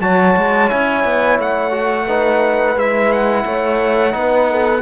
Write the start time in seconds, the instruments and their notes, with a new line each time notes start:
0.00 cello F#3, trombone F#4, horn C#5, trumpet A5
0.36 cello G#3
0.69 cello C#4, trombone E4, trumpet G#5
1.04 cello B3
1.39 cello A3, trumpet F#5
1.71 trombone F#4
2.07 trombone D#4, horn B4
2.75 cello G#3, trombone E4, trumpet E5
3.12 trumpet F#5
3.45 cello A3, horn C#5
4.10 cello B3, trombone D#4
4.17 horn B4
4.50 horn A4